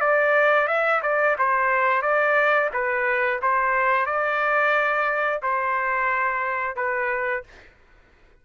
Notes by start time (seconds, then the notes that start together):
0.00 D5
0.67 E5
1.02 D5
1.38 C5
2.02 D5
2.73 B4
3.42 C5
4.06 D5
5.42 C5
6.76 B4